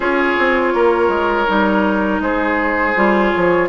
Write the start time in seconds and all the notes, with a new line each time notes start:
0.00 C#4 F4 G#4 C#5
0.38 C4
0.73 A#3 A#4
1.08 G#3
1.46 G3 D#4
2.20 G#3 G#4 C5
2.95 G3 F4
3.30 F3 C#5